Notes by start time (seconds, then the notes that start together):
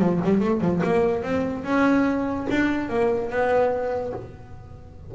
0.00 F3
0.24 G3
0.40 A3
0.61 F3
0.84 A#3
1.23 C4
1.64 C#4
2.51 D4
2.89 A#3
3.30 B3